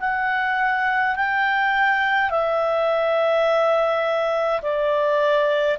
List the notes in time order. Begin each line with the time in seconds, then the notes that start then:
0.00 F#5
1.15 G5
2.30 E5
4.62 D5